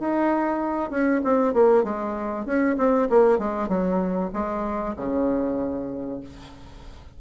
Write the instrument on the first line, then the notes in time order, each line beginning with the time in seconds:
bassoon
0.00 D#4
0.91 C#4
1.25 C4
1.54 A#3
1.84 G#3
2.46 C#4
2.78 C4
3.10 A#3
3.39 G#3
3.69 F#3
4.34 G#3
4.97 C#3